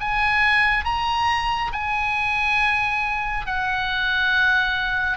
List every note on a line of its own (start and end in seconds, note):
0.00 0.85 G#5
0.85 1.72 A#5
1.72 3.46 G#5
3.46 5.17 F#5